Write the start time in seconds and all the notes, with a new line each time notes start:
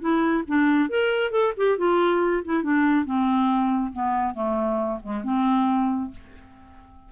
0.00 E4
0.47 D4
0.89 A#4
1.31 A4
1.57 G4
1.78 F4
2.45 E4
2.63 D4
3.05 C4
3.92 B3
4.34 A3
5.02 G#3
5.24 C4